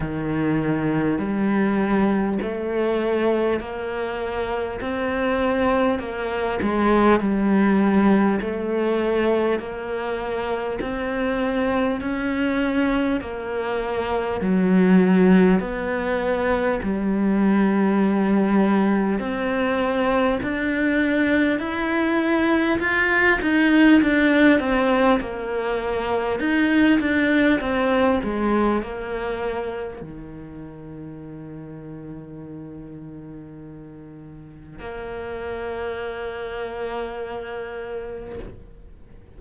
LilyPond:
\new Staff \with { instrumentName = "cello" } { \time 4/4 \tempo 4 = 50 dis4 g4 a4 ais4 | c'4 ais8 gis8 g4 a4 | ais4 c'4 cis'4 ais4 | fis4 b4 g2 |
c'4 d'4 e'4 f'8 dis'8 | d'8 c'8 ais4 dis'8 d'8 c'8 gis8 | ais4 dis2.~ | dis4 ais2. | }